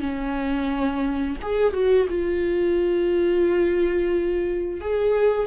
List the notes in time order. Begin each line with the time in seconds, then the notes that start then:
0.00 C#4
1.42 G#4
1.73 F#4
2.09 F4
4.81 G#4